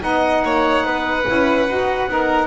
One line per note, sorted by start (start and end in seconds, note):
0.00 0.44 B3
0.00 1.23 D#4
0.00 0.43 D#5
0.00 2.47 F#5
0.44 0.84 A#3
0.44 0.86 C#5
0.84 1.26 B3
0.84 2.09 B4
1.26 1.70 C#4
1.26 1.67 E4
1.67 2.07 D#4
1.67 2.09 F#4
2.07 2.47 B3
2.07 2.47 D#4
2.07 2.47 A#4